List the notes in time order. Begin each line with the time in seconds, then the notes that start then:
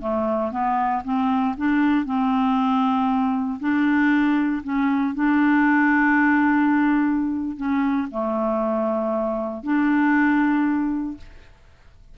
0.00 A3
0.51 B3
1.04 C4
1.57 D4
2.05 C4
3.60 D4
4.63 C#4
5.14 D4
7.56 C#4
8.11 A3
9.63 D4